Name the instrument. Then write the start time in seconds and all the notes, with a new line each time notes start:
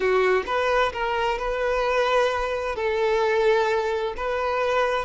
violin
0.00 F#4
0.46 B4
0.92 A#4
1.38 B4
2.75 A4
4.16 B4